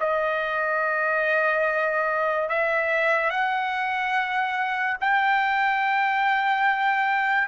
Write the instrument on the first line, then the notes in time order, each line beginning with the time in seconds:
trumpet
0.00 D#5
2.49 E5
3.31 F#5
5.01 G5